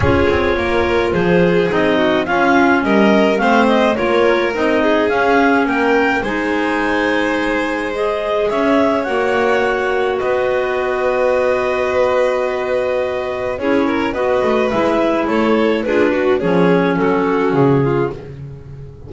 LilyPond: <<
  \new Staff \with { instrumentName = "clarinet" } { \time 4/4 \tempo 4 = 106 cis''2 c''4 dis''4 | f''4 dis''4 f''8 dis''8 cis''4 | dis''4 f''4 g''4 gis''4~ | gis''2 dis''4 e''4 |
fis''2 dis''2~ | dis''1 | cis''4 dis''4 e''4 cis''4 | b'4 cis''4 a'4 gis'4 | }
  \new Staff \with { instrumentName = "violin" } { \time 4/4 gis'4 ais'4 gis'4. fis'8 | f'4 ais'4 c''4 ais'4~ | ais'8 gis'4. ais'4 c''4~ | c''2. cis''4~ |
cis''2 b'2~ | b'1 | gis'8 ais'8 b'2 a'4 | gis'8 fis'8 gis'4 fis'4. f'8 | }
  \new Staff \with { instrumentName = "clarinet" } { \time 4/4 f'2. dis'4 | cis'2 c'4 f'4 | dis'4 cis'2 dis'4~ | dis'2 gis'2 |
fis'1~ | fis'1 | e'4 fis'4 e'2 | f'8 fis'8 cis'2. | }
  \new Staff \with { instrumentName = "double bass" } { \time 4/4 cis'8 c'8 ais4 f4 c'4 | cis'4 g4 a4 ais4 | c'4 cis'4 ais4 gis4~ | gis2. cis'4 |
ais2 b2~ | b1 | cis'4 b8 a8 gis4 a4 | d'4 f4 fis4 cis4 | }
>>